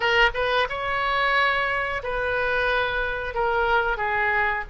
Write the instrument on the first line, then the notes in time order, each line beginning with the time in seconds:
oboe
0.00 A#4
0.34 B4
0.69 C#5
2.03 B4
3.34 A#4
3.97 G#4